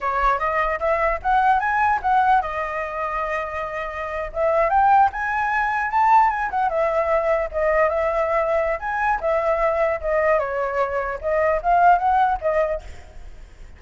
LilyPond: \new Staff \with { instrumentName = "flute" } { \time 4/4 \tempo 4 = 150 cis''4 dis''4 e''4 fis''4 | gis''4 fis''4 dis''2~ | dis''2~ dis''8. e''4 g''16~ | g''8. gis''2 a''4 gis''16~ |
gis''16 fis''8 e''2 dis''4 e''16~ | e''2 gis''4 e''4~ | e''4 dis''4 cis''2 | dis''4 f''4 fis''4 dis''4 | }